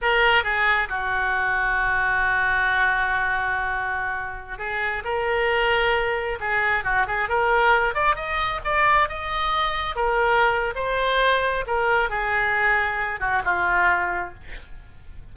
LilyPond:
\new Staff \with { instrumentName = "oboe" } { \time 4/4 \tempo 4 = 134 ais'4 gis'4 fis'2~ | fis'1~ | fis'2~ fis'16 gis'4 ais'8.~ | ais'2~ ais'16 gis'4 fis'8 gis'16~ |
gis'16 ais'4. d''8 dis''4 d''8.~ | d''16 dis''2 ais'4.~ ais'16 | c''2 ais'4 gis'4~ | gis'4. fis'8 f'2 | }